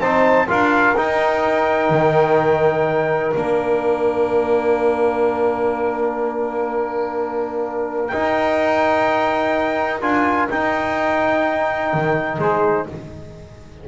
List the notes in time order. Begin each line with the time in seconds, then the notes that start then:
0.00 C4 D#4 C5 A5
0.47 D4 F4 A#4 F5
0.96 D#4 G5
1.90 D#3
3.34 A#3 D4 F5
8.08 D#4 G5
10.01 D4 F4 G#5
10.50 D#4 G5
11.93 D#3
12.38 G#3 G#4 C5